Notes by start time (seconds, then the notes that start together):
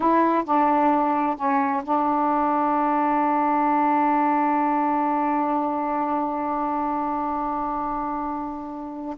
0.00 E4
0.45 D4
1.36 C#4
1.83 D4